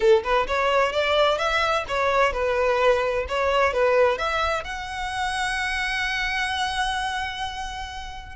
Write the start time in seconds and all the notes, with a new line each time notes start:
0.00 A4
0.23 B4
0.47 C#5
0.92 D5
1.38 E5
1.88 C#5
2.33 B4
3.28 C#5
3.73 B4
4.17 E5
4.64 F#5